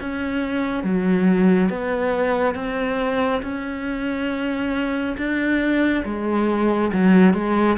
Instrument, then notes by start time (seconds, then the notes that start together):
cello
0.00 C#4
0.83 F#3
1.69 B3
2.55 C4
3.42 C#4
5.17 D4
6.05 G#3
6.93 F#3
7.34 G#3